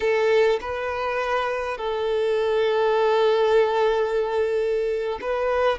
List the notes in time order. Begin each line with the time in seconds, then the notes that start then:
0.00 A4
0.60 B4
1.77 A4
5.21 B4